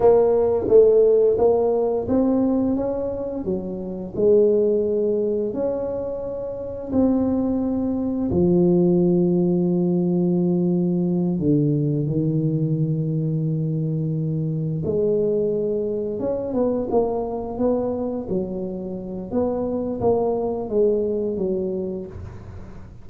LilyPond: \new Staff \with { instrumentName = "tuba" } { \time 4/4 \tempo 4 = 87 ais4 a4 ais4 c'4 | cis'4 fis4 gis2 | cis'2 c'2 | f1~ |
f8 d4 dis2~ dis8~ | dis4. gis2 cis'8 | b8 ais4 b4 fis4. | b4 ais4 gis4 fis4 | }